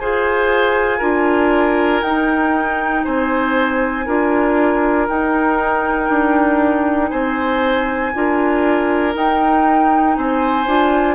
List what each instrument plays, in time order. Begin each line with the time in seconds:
0.00 bassoon F4, clarinet G#4, oboe C5, flute G#5
0.99 bassoon D4, clarinet F4, oboe A#4
2.02 bassoon D#4, clarinet D#4, flute G5
3.05 bassoon C4, oboe C5, flute G#5
4.06 bassoon D4, clarinet F4, oboe A#4
5.09 clarinet D#4, bassoon D#4, flute G5
6.09 bassoon D4
7.10 bassoon C4, oboe C5, flute G#5
8.15 bassoon D4, clarinet F4, oboe A#4
9.14 clarinet D#4, bassoon D#4, flute G5
10.17 bassoon C4, oboe C5, flute G#5
10.67 bassoon D4, clarinet F4